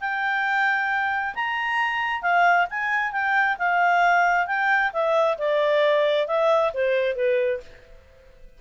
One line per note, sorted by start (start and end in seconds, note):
0.00 1.34 G5
1.35 2.22 A#5
2.22 2.67 F5
2.70 3.12 G#5
3.12 3.57 G5
3.58 4.47 F5
4.47 4.92 G5
4.93 5.38 E5
5.38 6.27 D5
6.27 6.72 E5
6.73 7.15 C5
7.15 7.60 B4